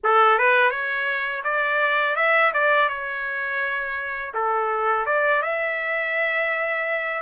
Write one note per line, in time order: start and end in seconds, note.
0.03 0.38 A4
0.38 0.70 B4
0.70 1.42 C#5
1.44 2.16 D5
2.16 2.52 E5
2.53 2.88 D5
2.88 4.33 C#5
4.33 5.06 A4
5.06 5.42 D5
5.42 7.22 E5